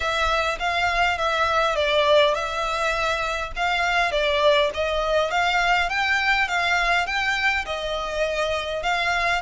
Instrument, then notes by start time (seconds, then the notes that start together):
violin
0.00 E5
0.59 F5
1.18 E5
1.75 D5
2.34 E5
3.56 F5
4.11 D5
4.74 D#5
5.30 F5
5.89 G5
6.48 F5
7.06 G5
7.65 D#5
8.82 F5